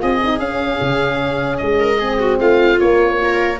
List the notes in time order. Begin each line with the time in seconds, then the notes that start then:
0.00 C4 F4 G#4 D#5
0.24 D#4
0.39 C#4 F5
0.82 C#3
1.58 G#3 D#5
1.80 A#4
1.99 C4 G#4
2.20 F#4
2.40 A3 F4 F5
2.80 A#3 C#5
3.18 F4
3.24 A#4